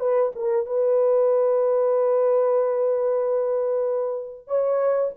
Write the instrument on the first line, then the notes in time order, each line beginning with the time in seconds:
horn
0.00 B4
0.36 A#4
0.66 B4
4.47 C#5